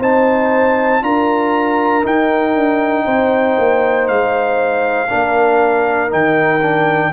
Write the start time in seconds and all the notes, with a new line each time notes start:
0.00 C4 D#4 C5 A5
1.02 D4 F4 A#4 A#5
2.03 D#4 G5
2.56 D4
3.06 C4 C5
3.58 A#3
4.08 G#3 F5
5.09 A#3 D4 A#4
6.09 D#3 D#4 G5
6.62 D4